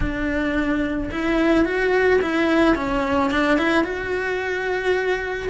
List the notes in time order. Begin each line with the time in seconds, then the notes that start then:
0.00 D4
1.11 E4
1.65 F#4
2.21 E4
2.75 C#4
3.31 D4
3.58 E4
3.84 F#4